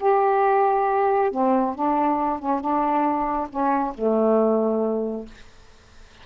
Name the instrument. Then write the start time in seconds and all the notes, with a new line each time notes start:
saxophone
0.00 G4
1.31 C4
1.75 D4
2.39 C#4
2.60 D4
3.50 C#4
3.94 A3